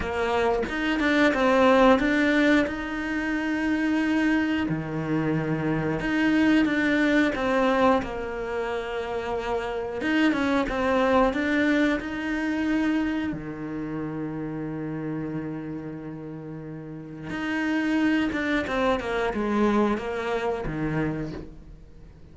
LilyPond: \new Staff \with { instrumentName = "cello" } { \time 4/4 \tempo 4 = 90 ais4 dis'8 d'8 c'4 d'4 | dis'2. dis4~ | dis4 dis'4 d'4 c'4 | ais2. dis'8 cis'8 |
c'4 d'4 dis'2 | dis1~ | dis2 dis'4. d'8 | c'8 ais8 gis4 ais4 dis4 | }